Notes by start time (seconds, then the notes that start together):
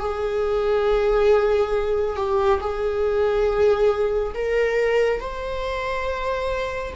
0.00 G#4
2.17 G4
2.60 G#4
4.35 A#4
5.21 C5